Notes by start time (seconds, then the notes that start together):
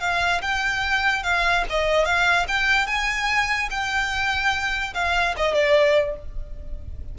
0.00 F5
0.41 G5
1.23 F5
1.70 D#5
2.05 F5
2.48 G5
2.87 G#5
3.70 G5
4.94 F5
5.37 D#5
5.54 D5